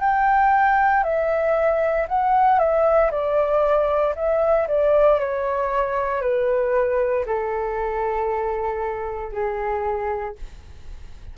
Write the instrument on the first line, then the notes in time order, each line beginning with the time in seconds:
flute
0.00 G5
1.03 E5
2.08 F#5
2.59 E5
3.11 D5
4.15 E5
4.67 D5
5.19 C#5
6.21 B4
7.25 A4
9.32 G#4